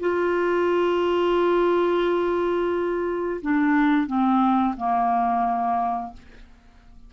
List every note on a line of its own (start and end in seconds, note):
0.00 3.41 F4
3.42 4.07 D4
4.07 4.75 C4
4.77 6.13 A#3